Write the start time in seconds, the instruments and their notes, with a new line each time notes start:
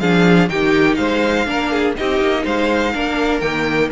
0.00 cello F3, viola D4, violin G#4 F5
0.49 cello D#3, viola D#4, violin G4 G5
0.95 cello G#3, violin C5 F5
1.47 cello A#3, viola D4, violin A#4
1.72 violin G#4
1.97 cello C4, viola D#4, violin G4 D#5
2.20 cello A#3
2.44 cello G#3, violin C5 F5
2.93 cello A#3, viola D4, violin A#4
3.40 cello D#3, viola A#3, violin G5